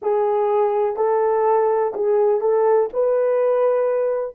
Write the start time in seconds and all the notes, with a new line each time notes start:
0.01 G#4
0.96 A4
1.94 G#4
2.41 A4
2.93 B4